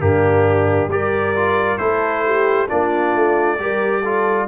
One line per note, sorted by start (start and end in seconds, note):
0.00 0.88 G2
0.00 0.90 A#3
0.00 0.92 D4
0.00 0.90 G4
0.88 1.78 G3
0.88 1.36 G4
0.88 1.80 A#4
0.88 1.78 D5
1.36 1.78 F4
1.78 2.68 A3
1.78 2.68 E4
1.78 2.25 A4
1.78 2.67 C5
2.26 2.68 G4
2.68 3.16 A#3
2.68 3.58 D4
2.68 3.58 F4
2.68 4.49 D5
3.16 3.60 A3
3.59 4.49 G3
3.59 4.03 G4
3.59 4.01 A#4
4.01 4.49 F4
4.01 4.46 A4